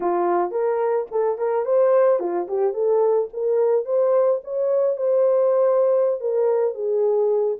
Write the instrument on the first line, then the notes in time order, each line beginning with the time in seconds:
horn
0.00 F4
0.51 A#4
1.11 A4
1.38 A#4
1.65 C5
2.19 F4
2.48 G4
2.73 A4
3.33 A#4
3.85 C5
4.44 C#5
4.96 C5
6.20 A#4
6.74 G#4